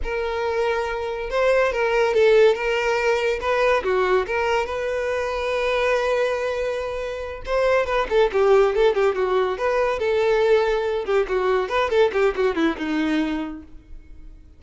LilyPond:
\new Staff \with { instrumentName = "violin" } { \time 4/4 \tempo 4 = 141 ais'2. c''4 | ais'4 a'4 ais'2 | b'4 fis'4 ais'4 b'4~ | b'1~ |
b'4. c''4 b'8 a'8 g'8~ | g'8 a'8 g'8 fis'4 b'4 a'8~ | a'2 g'8 fis'4 b'8 | a'8 g'8 fis'8 e'8 dis'2 | }